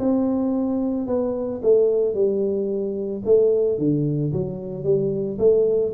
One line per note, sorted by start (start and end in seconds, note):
0.00 1.07 C4
1.07 1.61 B3
1.63 2.14 A3
2.14 3.23 G3
3.26 3.78 A3
3.78 4.32 D3
4.33 4.84 F#3
4.84 5.38 G3
5.39 5.93 A3